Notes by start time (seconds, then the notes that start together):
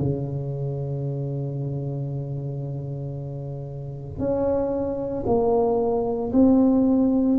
0.00 C#3
4.19 C#4
5.27 A#3
6.33 C4